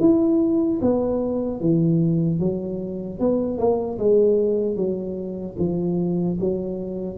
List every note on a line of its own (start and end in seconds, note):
0.00 0.80 E4
0.81 1.60 B3
1.60 2.40 E3
2.40 3.20 F#3
3.20 3.58 B3
3.58 3.98 A#3
3.98 4.76 G#3
4.76 5.56 F#3
5.58 6.38 F3
6.40 7.18 F#3